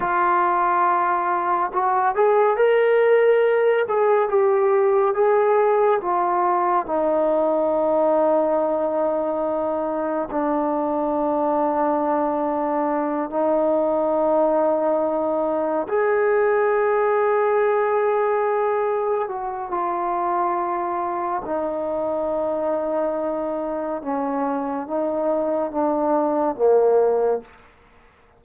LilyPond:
\new Staff \with { instrumentName = "trombone" } { \time 4/4 \tempo 4 = 70 f'2 fis'8 gis'8 ais'4~ | ais'8 gis'8 g'4 gis'4 f'4 | dis'1 | d'2.~ d'8 dis'8~ |
dis'2~ dis'8 gis'4.~ | gis'2~ gis'8 fis'8 f'4~ | f'4 dis'2. | cis'4 dis'4 d'4 ais4 | }